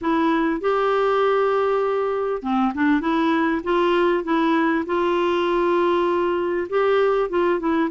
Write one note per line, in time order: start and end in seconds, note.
0.01 0.60 E4
0.60 2.42 G4
2.42 2.72 C4
2.74 3.01 D4
3.01 3.61 E4
3.63 4.24 F4
4.24 4.84 E4
4.85 6.67 F4
6.69 7.29 G4
7.29 7.59 F4
7.59 7.90 E4